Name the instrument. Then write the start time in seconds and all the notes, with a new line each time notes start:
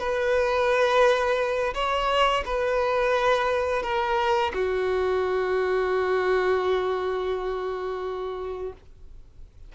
violin
0.00 B4
1.75 C#5
2.46 B4
3.83 A#4
4.54 F#4